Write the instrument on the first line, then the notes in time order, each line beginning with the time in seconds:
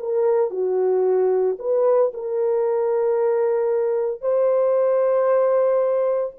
horn
0.00 A#4
0.51 F#4
1.59 B4
2.14 A#4
4.22 C5